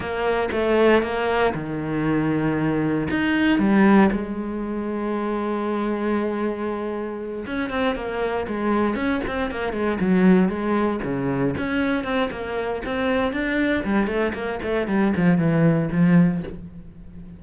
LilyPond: \new Staff \with { instrumentName = "cello" } { \time 4/4 \tempo 4 = 117 ais4 a4 ais4 dis4~ | dis2 dis'4 g4 | gis1~ | gis2~ gis8 cis'8 c'8 ais8~ |
ais8 gis4 cis'8 c'8 ais8 gis8 fis8~ | fis8 gis4 cis4 cis'4 c'8 | ais4 c'4 d'4 g8 a8 | ais8 a8 g8 f8 e4 f4 | }